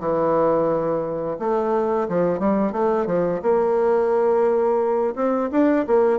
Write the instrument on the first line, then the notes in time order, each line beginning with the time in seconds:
bassoon
0.00 E3
1.39 A3
2.09 F3
2.40 G3
2.73 A3
3.07 F3
3.42 A#3
5.16 C4
5.52 D4
5.87 A#3